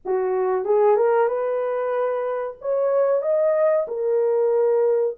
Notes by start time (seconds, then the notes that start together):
0.05 F#4
0.64 G#4
0.96 A#4
1.27 B4
2.61 C#5
3.21 D#5
3.87 A#4